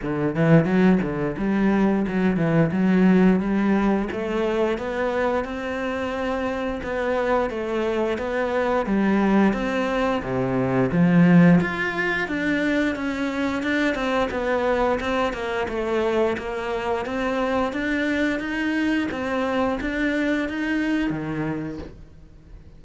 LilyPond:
\new Staff \with { instrumentName = "cello" } { \time 4/4 \tempo 4 = 88 d8 e8 fis8 d8 g4 fis8 e8 | fis4 g4 a4 b4 | c'2 b4 a4 | b4 g4 c'4 c4 |
f4 f'4 d'4 cis'4 | d'8 c'8 b4 c'8 ais8 a4 | ais4 c'4 d'4 dis'4 | c'4 d'4 dis'4 dis4 | }